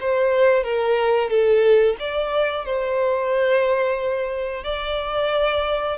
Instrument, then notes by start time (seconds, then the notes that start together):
violin
0.00 C5
0.64 A#4
1.29 A4
1.99 D5
2.65 C5
4.64 D5